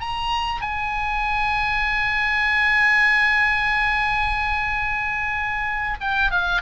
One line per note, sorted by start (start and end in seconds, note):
0.00 0.60 A#5
0.60 5.97 G#5
6.00 6.30 G5
6.30 6.61 F5